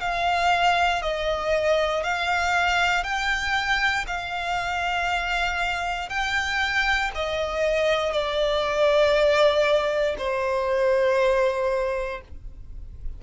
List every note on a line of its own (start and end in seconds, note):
0.00 1.02 F5
1.02 2.03 D#5
2.03 3.03 F5
3.03 4.05 G5
4.07 6.09 F5
6.09 7.10 G5
7.14 8.12 D#5
8.12 10.16 D5
10.17 12.21 C5